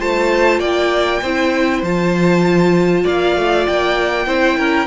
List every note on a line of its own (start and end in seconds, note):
0.00 0.60 A3
0.00 1.22 F4
0.00 0.60 C5
0.00 0.60 A5
0.60 1.21 A#3
0.60 1.21 D5
0.60 1.83 G5
1.22 1.83 C4
1.22 1.86 E4
1.22 3.04 C5
1.83 3.05 F3
1.83 4.27 F4
1.83 3.07 A5
3.04 3.36 A#3
3.04 4.27 D5
3.04 3.67 F5
3.36 3.67 A3
3.67 4.27 A#3
3.67 4.87 G5
4.27 4.57 C4
4.27 4.87 E4
4.27 4.58 C5
4.58 4.87 C#4
4.58 4.87 A#4